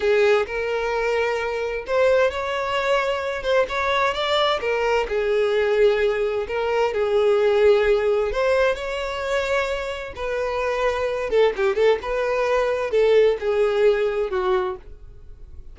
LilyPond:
\new Staff \with { instrumentName = "violin" } { \time 4/4 \tempo 4 = 130 gis'4 ais'2. | c''4 cis''2~ cis''8 c''8 | cis''4 d''4 ais'4 gis'4~ | gis'2 ais'4 gis'4~ |
gis'2 c''4 cis''4~ | cis''2 b'2~ | b'8 a'8 g'8 a'8 b'2 | a'4 gis'2 fis'4 | }